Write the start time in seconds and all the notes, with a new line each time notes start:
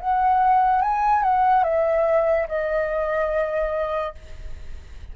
0.00 F#5
0.82 G#5
1.23 F#5
1.64 E5
2.48 D#5